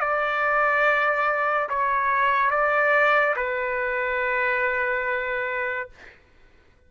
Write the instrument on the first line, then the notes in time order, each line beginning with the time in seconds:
trumpet
0.00 D5
1.69 C#5
2.50 D5
3.36 B4